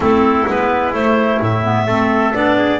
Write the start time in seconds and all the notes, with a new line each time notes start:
0.00 A3 C4 E4 A4
0.47 G#3 B3 B4
0.93 A3 C5
1.40 A2 E5
1.63 B3
1.86 A3 C4 A4
2.34 B3 D4 D5
2.58 G#4